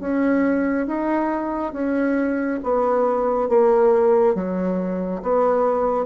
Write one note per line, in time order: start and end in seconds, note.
0.00 0.87 C#4
0.87 1.73 D#4
1.73 2.60 C#4
2.63 3.49 B3
3.49 4.35 A#3
4.35 5.22 F#3
5.23 6.06 B3